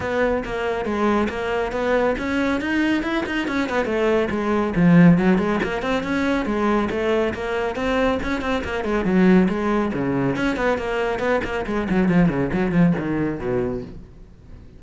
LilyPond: \new Staff \with { instrumentName = "cello" } { \time 4/4 \tempo 4 = 139 b4 ais4 gis4 ais4 | b4 cis'4 dis'4 e'8 dis'8 | cis'8 b8 a4 gis4 f4 | fis8 gis8 ais8 c'8 cis'4 gis4 |
a4 ais4 c'4 cis'8 c'8 | ais8 gis8 fis4 gis4 cis4 | cis'8 b8 ais4 b8 ais8 gis8 fis8 | f8 cis8 fis8 f8 dis4 b,4 | }